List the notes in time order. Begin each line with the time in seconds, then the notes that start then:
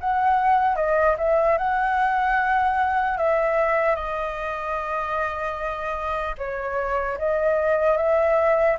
0.00 F#5
0.75 D#5
1.17 E5
1.57 F#5
3.17 E5
3.95 D#5
6.37 C#5
7.18 D#5
7.97 E5